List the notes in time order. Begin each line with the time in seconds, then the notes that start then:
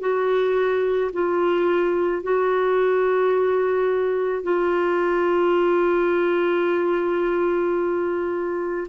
0.00 F#4
1.13 F4
2.22 F#4
4.42 F4